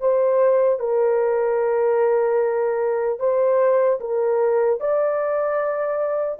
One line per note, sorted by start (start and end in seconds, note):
0.00 0.79 C5
0.79 3.19 A#4
3.19 3.99 C5
4.00 4.80 A#4
4.80 6.39 D5